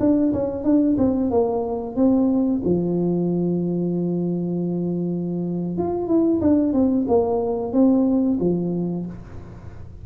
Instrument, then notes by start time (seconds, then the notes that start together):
tuba
0.00 D4
0.33 C#4
0.64 D4
0.98 C4
1.31 A#3
1.96 C4
2.65 F3
5.77 F4
6.07 E4
6.41 D4
6.73 C4
7.08 A#3
7.73 C4
8.40 F3